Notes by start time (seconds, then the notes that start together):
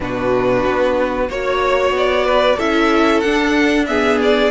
0.00 B2 D4 F#4 B4
0.65 B3
1.29 A#3 F#4 C#5
1.90 B3
1.97 D5
2.25 B4
2.56 C#4 E4 A4 E5
3.20 D4 F#5
3.86 B3 G#4 E5
4.22 D5